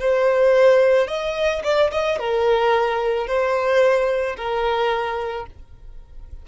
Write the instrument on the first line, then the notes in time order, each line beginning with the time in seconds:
violin
0.00 C5
1.08 D#5
1.64 D5
1.92 D#5
2.19 A#4
3.28 C5
4.37 A#4